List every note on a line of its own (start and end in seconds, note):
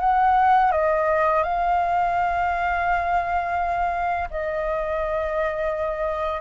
0.00 0.71 F#5
0.71 1.43 D#5
1.43 4.29 F5
4.30 6.41 D#5